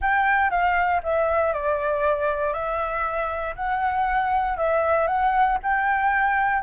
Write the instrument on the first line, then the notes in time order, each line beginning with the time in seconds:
flute
0.01 G5
0.50 F5
1.03 E5
1.53 D5
2.53 E5
3.55 F#5
4.57 E5
5.07 F#5
5.63 G5